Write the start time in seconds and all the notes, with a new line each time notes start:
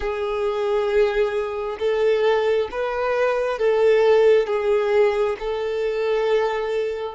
0.00 G#4
1.79 A4
2.71 B4
3.58 A4
4.47 G#4
5.39 A4